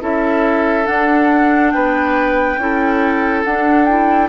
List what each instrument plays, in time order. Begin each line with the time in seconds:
0.00 bassoon C#4, clarinet E4, oboe A4, flute E5
0.85 clarinet D4, bassoon D4, flute F#5
1.71 bassoon B3, oboe B4, flute G5
2.57 bassoon C#4, clarinet E4, oboe A4
3.44 bassoon D4, clarinet D4, flute F#5
3.85 clarinet E4, flute G5